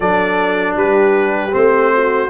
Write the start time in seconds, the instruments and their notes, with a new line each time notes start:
0.00 tuba F#3, trombone D4, horn A4, trumpet D5
0.75 tuba G3, horn G4, trumpet B4
1.51 tuba A3, trombone C4, trumpet C5
1.95 horn F#4